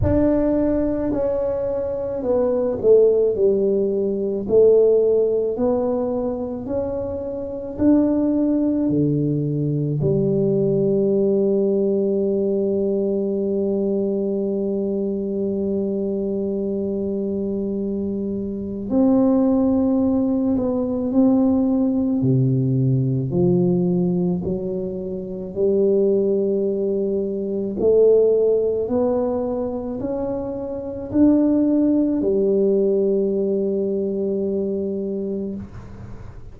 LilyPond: \new Staff \with { instrumentName = "tuba" } { \time 4/4 \tempo 4 = 54 d'4 cis'4 b8 a8 g4 | a4 b4 cis'4 d'4 | d4 g2.~ | g1~ |
g4 c'4. b8 c'4 | c4 f4 fis4 g4~ | g4 a4 b4 cis'4 | d'4 g2. | }